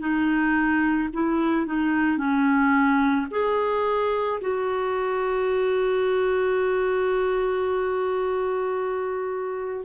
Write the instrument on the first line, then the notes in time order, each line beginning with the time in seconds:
clarinet
0.00 D#4
1.13 E4
1.66 D#4
2.18 C#4
3.31 G#4
4.41 F#4